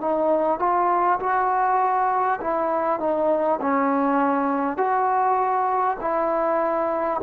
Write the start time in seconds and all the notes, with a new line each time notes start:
0.00 D#4
0.59 F4
1.19 F#4
2.41 E4
2.99 D#4
3.61 C#4
4.77 F#4
6.00 E4